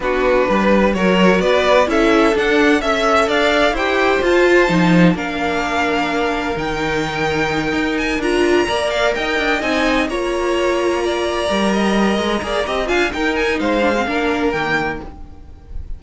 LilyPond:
<<
  \new Staff \with { instrumentName = "violin" } { \time 4/4 \tempo 4 = 128 b'2 cis''4 d''4 | e''4 fis''4 e''4 f''4 | g''4 a''2 f''4~ | f''2 g''2~ |
g''4 gis''8 ais''4. f''8 g''8~ | g''8 gis''4 ais''2~ ais''8~ | ais''2.~ ais''8 gis''8 | g''8 gis''8 f''2 g''4 | }
  \new Staff \with { instrumentName = "violin" } { \time 4/4 fis'4 b'4 ais'4 b'4 | a'2 e''4 d''4 | c''2. ais'4~ | ais'1~ |
ais'2~ ais'8 d''4 dis''8~ | dis''4. cis''2 d''8~ | d''4 dis''4. d''8 dis''8 f''8 | ais'4 c''4 ais'2 | }
  \new Staff \with { instrumentName = "viola" } { \time 4/4 d'2 fis'2 | e'4 d'4 a'2 | g'4 f'4 dis'4 d'4~ | d'2 dis'2~ |
dis'4. f'4 ais'4.~ | ais'8 dis'4 f'2~ f'8~ | f'8 ais'2 gis'8 g'8 f'8 | dis'4. d'16 c'16 d'4 ais4 | }
  \new Staff \with { instrumentName = "cello" } { \time 4/4 b4 g4 fis4 b4 | cis'4 d'4 cis'4 d'4 | e'4 f'4 f4 ais4~ | ais2 dis2~ |
dis8 dis'4 d'4 ais4 dis'8 | d'8 c'4 ais2~ ais8~ | ais8 g4. gis8 ais8 c'8 d'8 | dis'4 gis4 ais4 dis4 | }
>>